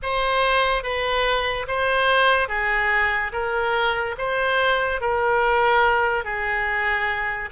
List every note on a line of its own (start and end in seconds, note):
0.02 0.83 C5
0.83 1.66 B4
1.67 2.48 C5
2.48 3.31 G#4
3.32 4.15 A#4
4.17 5.00 C5
5.00 6.24 A#4
6.24 7.49 G#4